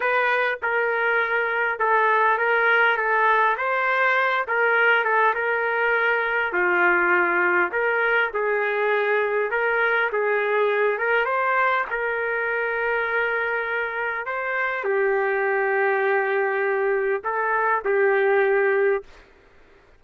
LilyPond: \new Staff \with { instrumentName = "trumpet" } { \time 4/4 \tempo 4 = 101 b'4 ais'2 a'4 | ais'4 a'4 c''4. ais'8~ | ais'8 a'8 ais'2 f'4~ | f'4 ais'4 gis'2 |
ais'4 gis'4. ais'8 c''4 | ais'1 | c''4 g'2.~ | g'4 a'4 g'2 | }